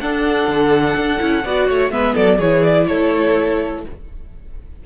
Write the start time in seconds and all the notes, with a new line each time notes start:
0.00 D4 A4 F#5
0.47 D3
0.96 D4
1.18 C#4 E4
1.44 B3 F#4 D5
1.67 A3 C#5
1.90 G#3 B3 B4 E5
2.14 F#3 A4 D5
2.38 E3 E4 G#4 C#5
2.63 D5
2.87 A3 A4 C#5